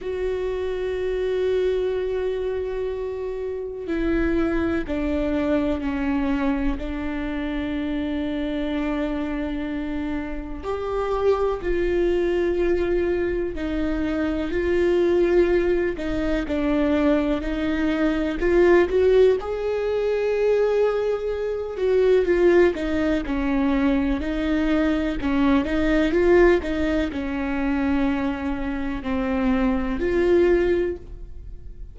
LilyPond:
\new Staff \with { instrumentName = "viola" } { \time 4/4 \tempo 4 = 62 fis'1 | e'4 d'4 cis'4 d'4~ | d'2. g'4 | f'2 dis'4 f'4~ |
f'8 dis'8 d'4 dis'4 f'8 fis'8 | gis'2~ gis'8 fis'8 f'8 dis'8 | cis'4 dis'4 cis'8 dis'8 f'8 dis'8 | cis'2 c'4 f'4 | }